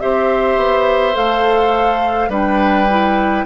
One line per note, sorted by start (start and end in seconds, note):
0.00 0.57 C4
0.00 1.13 G4
0.00 2.29 C5
0.00 1.15 E5
0.57 1.14 B3
1.13 2.29 A3
1.13 2.29 A4
1.13 2.31 F5
2.29 3.44 G3
2.29 2.87 D4
2.29 3.45 B4
2.29 3.46 G5
2.89 3.46 E4